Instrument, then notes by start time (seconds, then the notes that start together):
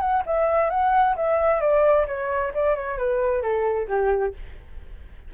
flute
0.00 F#5
0.26 E5
0.70 F#5
1.16 E5
1.61 D5
2.07 C#5
2.54 D5
2.75 C#5
2.98 B4
3.42 A4
3.88 G4